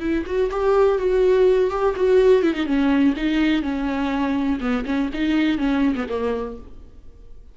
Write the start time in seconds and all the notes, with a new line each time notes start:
0.00 E4
0.26 F#4
0.51 G4
0.99 F#4
1.70 G4
1.96 F#4
2.42 E4
2.54 D#4
2.66 C#4
3.16 D#4
3.62 C#4
4.60 B3
4.86 C#4
5.14 D#4
5.58 C#4
5.95 B3
6.09 A#3